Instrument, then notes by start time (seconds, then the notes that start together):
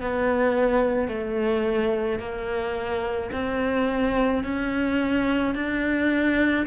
cello
0.00 B3
1.08 A3
2.19 A#3
3.32 C4
4.43 C#4
5.55 D4